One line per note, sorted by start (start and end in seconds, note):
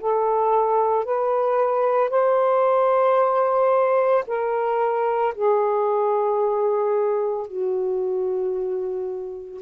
0.00 1.05 A4
1.05 2.10 B4
2.10 4.24 C5
4.27 5.34 A#4
5.34 7.47 G#4
7.47 9.61 F#4